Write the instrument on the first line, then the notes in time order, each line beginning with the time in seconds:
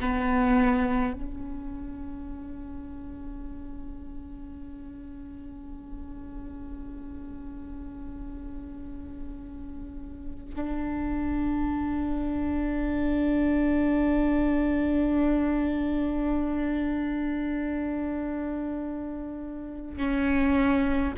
viola
0.00 B3
1.13 C#4
10.56 D4
19.97 C#4